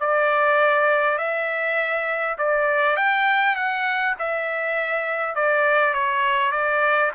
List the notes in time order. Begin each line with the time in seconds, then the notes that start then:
0.00 D5
1.18 E5
2.38 D5
2.96 G5
3.56 F#5
4.19 E5
5.35 D5
5.94 C#5
6.52 D5